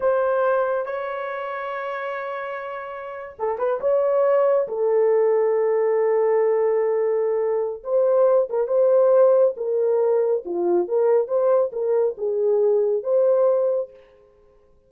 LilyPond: \new Staff \with { instrumentName = "horn" } { \time 4/4 \tempo 4 = 138 c''2 cis''2~ | cis''2.~ cis''8. a'16~ | a'16 b'8 cis''2 a'4~ a'16~ | a'1~ |
a'2 c''4. ais'8 | c''2 ais'2 | f'4 ais'4 c''4 ais'4 | gis'2 c''2 | }